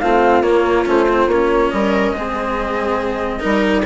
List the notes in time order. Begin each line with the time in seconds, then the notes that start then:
0.00 A3 C4 F4 F5
0.42 A#3 C#5
0.86 A3 C#4 C5
1.09 C4
1.27 A#3 C#4 C#5
1.70 G3 A#4 D#5
2.12 G#3 C4 G#4
3.40 G3 D#4 A#4